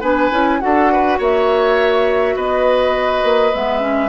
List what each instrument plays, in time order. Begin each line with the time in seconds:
0.00 bassoon B3, clarinet D4, oboe B4, flute G#5
0.31 bassoon C#4, clarinet E4
0.60 bassoon D4, clarinet F#4, oboe A4, flute F#5
0.92 oboe B4
1.18 bassoon A#3, oboe C#5, flute E5
2.35 bassoon B3, oboe B4, flute D#5
3.23 bassoon A#3
3.53 bassoon G#3, clarinet B3, flute E5
3.79 clarinet C#4